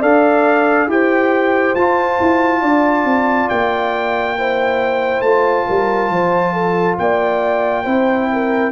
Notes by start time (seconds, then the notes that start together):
0.00 D4 A4 D5 F5
0.87 E4 G4 C5 G5
1.75 F4 A5
2.20 E4
2.62 D4 D5
3.05 C4
3.49 A#3 G5
4.38 E4 C5
5.21 A3 F4 A5
5.67 G3 A#4
6.10 F3 C5
6.53 A4
6.99 A#3 D5 G5
7.84 C4 E4 C5
8.32 A#4